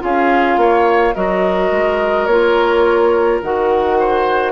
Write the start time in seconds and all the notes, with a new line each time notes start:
0.00 C#4 F4 G#4 F5
0.57 A#3 C#5
1.15 F#3 F#4 A#4 D#5
1.71 G#3
2.26 A#3 F4 C#5
3.43 D#3 F#4 F#5
4.00 C5